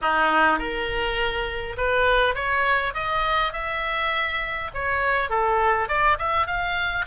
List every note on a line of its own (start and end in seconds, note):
0.01 0.59 D#4
0.59 1.76 A#4
1.77 2.34 B4
2.34 2.93 C#5
2.94 3.52 D#5
3.53 4.70 E5
4.74 5.29 C#5
5.29 5.88 A4
5.88 6.17 D5
6.18 6.46 E5
6.46 7.05 F5